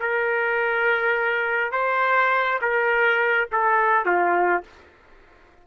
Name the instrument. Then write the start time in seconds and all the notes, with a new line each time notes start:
trumpet
0.00 A#4
1.72 C5
2.61 A#4
3.52 A4
4.05 F4